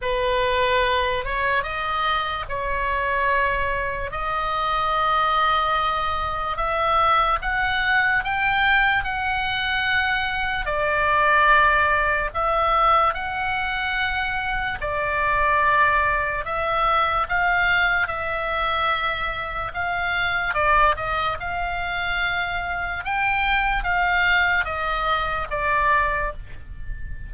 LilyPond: \new Staff \with { instrumentName = "oboe" } { \time 4/4 \tempo 4 = 73 b'4. cis''8 dis''4 cis''4~ | cis''4 dis''2. | e''4 fis''4 g''4 fis''4~ | fis''4 d''2 e''4 |
fis''2 d''2 | e''4 f''4 e''2 | f''4 d''8 dis''8 f''2 | g''4 f''4 dis''4 d''4 | }